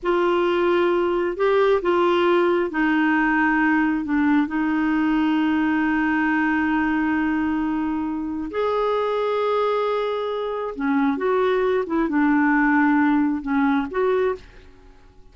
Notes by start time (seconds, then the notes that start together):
0.02 F4
1.37 G4
1.82 F4
2.70 D#4
4.04 D4
4.47 D#4
8.50 G#4
10.75 C#4
11.17 F#4
11.86 E4
12.08 D4
13.42 C#4
13.90 F#4